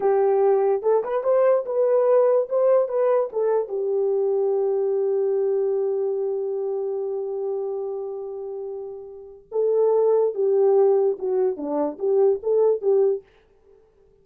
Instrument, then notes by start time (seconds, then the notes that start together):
horn
0.00 G4
0.82 A4
1.03 B4
1.23 C5
1.65 B4
2.49 C5
2.88 B4
3.32 A4
3.68 G4
9.51 A4
10.34 G4
11.18 F#4
11.56 D4
11.98 G4
12.43 A4
12.81 G4